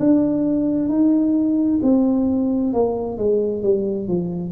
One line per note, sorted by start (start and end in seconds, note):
0.00 0.89 D4
0.89 1.80 D#4
1.83 2.74 C4
2.74 3.18 A#3
3.18 3.63 G#3
3.63 4.08 G3
4.08 4.52 F3